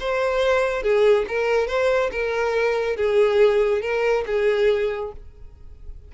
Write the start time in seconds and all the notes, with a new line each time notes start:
0.00 C5
0.83 G#4
1.28 A#4
1.68 C5
2.12 A#4
2.96 G#4
3.82 A#4
4.26 G#4